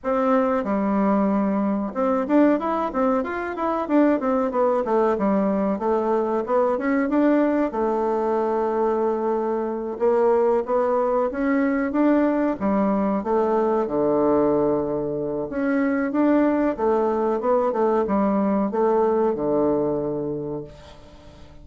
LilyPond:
\new Staff \with { instrumentName = "bassoon" } { \time 4/4 \tempo 4 = 93 c'4 g2 c'8 d'8 | e'8 c'8 f'8 e'8 d'8 c'8 b8 a8 | g4 a4 b8 cis'8 d'4 | a2.~ a8 ais8~ |
ais8 b4 cis'4 d'4 g8~ | g8 a4 d2~ d8 | cis'4 d'4 a4 b8 a8 | g4 a4 d2 | }